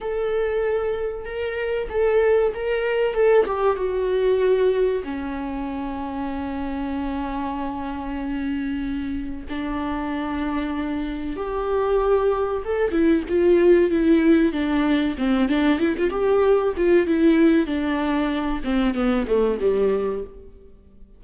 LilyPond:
\new Staff \with { instrumentName = "viola" } { \time 4/4 \tempo 4 = 95 a'2 ais'4 a'4 | ais'4 a'8 g'8 fis'2 | cis'1~ | cis'2. d'4~ |
d'2 g'2 | a'8 e'8 f'4 e'4 d'4 | c'8 d'8 e'16 f'16 g'4 f'8 e'4 | d'4. c'8 b8 a8 g4 | }